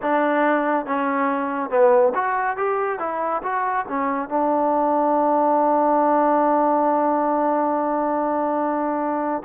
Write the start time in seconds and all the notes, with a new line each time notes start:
0.02 D4
0.86 C#4
1.69 B3
2.14 F#4
2.56 G4
2.99 E4
3.42 F#4
3.88 C#4
4.28 D4